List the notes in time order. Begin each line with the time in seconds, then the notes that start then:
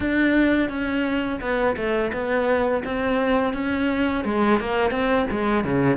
0.00 D4
0.69 C#4
1.41 B3
1.76 A3
2.12 B3
2.84 C4
3.53 C#4
4.24 G#3
4.59 A#3
4.91 C4
5.30 G#3
5.64 C#3